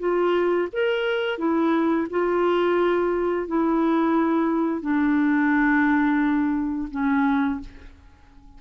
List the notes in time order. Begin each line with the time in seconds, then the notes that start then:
0.00 F4
0.73 A#4
1.39 E4
2.11 F4
3.48 E4
4.82 D4
6.92 C#4